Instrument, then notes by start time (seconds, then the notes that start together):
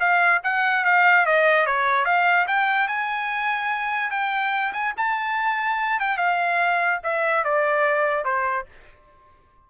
trumpet
0.00 F5
0.43 F#5
0.85 F5
1.26 D#5
1.66 C#5
2.05 F5
2.48 G5
2.88 G#5
4.11 G5
4.73 G#5
4.97 A5
6.00 G5
6.18 F5
7.03 E5
7.44 D5
8.25 C5